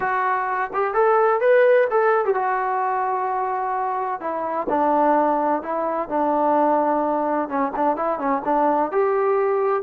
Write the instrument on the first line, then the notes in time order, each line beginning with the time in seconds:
trombone
0.00 F#4
0.73 G4
0.94 A4
1.40 B4
1.90 A4
2.25 G4
2.34 F#4
4.20 E4
4.69 D4
5.62 E4
6.08 D4
7.48 C#4
7.76 D4
7.96 E4
8.18 C#4
8.44 D4
8.91 G4